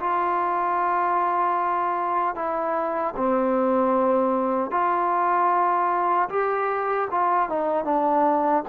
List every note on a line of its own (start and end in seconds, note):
0.00 2.35 F4
2.35 3.14 E4
3.17 4.71 C4
4.71 6.29 F4
6.29 7.08 G4
7.11 7.49 F4
7.49 7.84 D#4
7.84 8.63 D4